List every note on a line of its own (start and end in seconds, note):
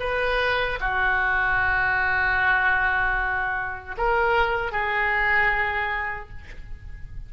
0.00 0.79 B4
0.80 3.96 F#4
3.97 4.72 A#4
4.72 6.29 G#4